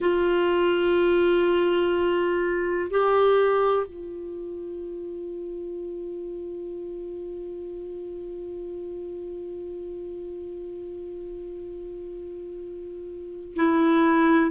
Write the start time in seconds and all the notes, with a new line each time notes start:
0.00 F4
2.90 G4
3.87 F4
13.55 E4